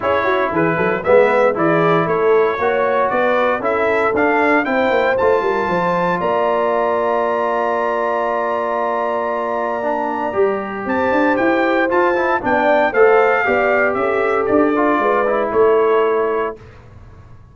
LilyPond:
<<
  \new Staff \with { instrumentName = "trumpet" } { \time 4/4 \tempo 4 = 116 cis''4 b'4 e''4 d''4 | cis''2 d''4 e''4 | f''4 g''4 a''2 | ais''1~ |
ais''1~ | ais''4 a''4 g''4 a''4 | g''4 f''2 e''4 | d''2 cis''2 | }
  \new Staff \with { instrumentName = "horn" } { \time 4/4 gis'8 fis'8 gis'8 a'8 b'4 gis'4 | a'4 cis''4 b'4 a'4~ | a'4 c''4. ais'8 c''4 | d''1~ |
d''1~ | d''4 c''2. | d''4 c''4 d''4 a'4~ | a'4 b'4 a'2 | }
  \new Staff \with { instrumentName = "trombone" } { \time 4/4 e'2 b4 e'4~ | e'4 fis'2 e'4 | d'4 e'4 f'2~ | f'1~ |
f'2. d'4 | g'2. f'8 e'8 | d'4 a'4 g'2~ | g'8 f'4 e'2~ e'8 | }
  \new Staff \with { instrumentName = "tuba" } { \time 4/4 cis'4 e8 fis8 gis4 e4 | a4 ais4 b4 cis'4 | d'4 c'8 ais8 a8 g8 f4 | ais1~ |
ais1 | g4 c'8 d'8 e'4 f'4 | b4 a4 b4 cis'4 | d'4 gis4 a2 | }
>>